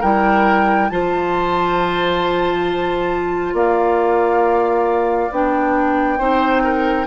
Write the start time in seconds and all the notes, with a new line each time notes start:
0.00 G3 E4 A#4 G5
0.90 F3 F4 C5 A5
3.53 A#3 D5 F5
5.31 B3 D4 G5
6.19 C4 D#4 C5
6.64 A#4